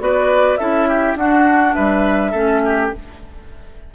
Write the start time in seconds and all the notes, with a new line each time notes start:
0.00 B3 F#4 B4 D5
0.58 C#4 E4 A4 E5
0.89 G4
1.16 D4 F#4 F#5
1.75 G3 B4 E5
2.32 A3 C#4 A4
2.66 G4